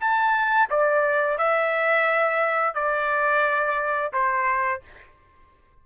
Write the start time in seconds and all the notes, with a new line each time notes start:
0.00 A5
0.70 D5
1.38 E5
2.74 D5
4.12 C5